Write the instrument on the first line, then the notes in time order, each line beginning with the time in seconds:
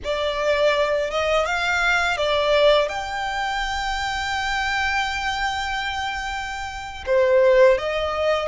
violin
0.04 D5
1.10 D#5
1.45 F5
2.17 D5
2.88 G5
7.06 C5
7.77 D#5